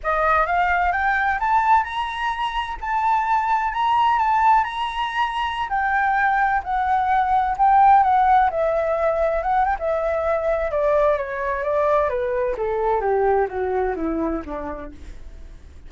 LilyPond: \new Staff \with { instrumentName = "flute" } { \time 4/4 \tempo 4 = 129 dis''4 f''4 g''4 a''4 | ais''2 a''2 | ais''4 a''4 ais''2~ | ais''16 g''2 fis''4.~ fis''16~ |
fis''16 g''4 fis''4 e''4.~ e''16~ | e''16 fis''8 g''16 e''2 d''4 | cis''4 d''4 b'4 a'4 | g'4 fis'4 e'4 d'4 | }